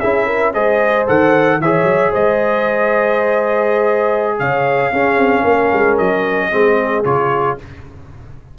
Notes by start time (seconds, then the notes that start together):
0.00 C#4 E4 G#4 E5
0.26 A#4
0.54 G#3 G#4 C5 D#5
1.07 D#3 A4 F#5
1.60 E3 G#4 C#5 E5
1.83 F#3
2.11 G#3 C5 D#5
4.39 C#3 C#5 F5
4.92 C#4 G#4
5.17 C4
5.42 A#3 A#4
5.73 G#3
5.98 F#3 D#5
6.51 G#3 C4 G#4
7.05 C#3 F4 C#5